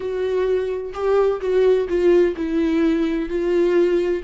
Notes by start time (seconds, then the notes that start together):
0.00 F#4
0.93 G4
1.41 F#4
1.88 F4
2.36 E4
3.29 F4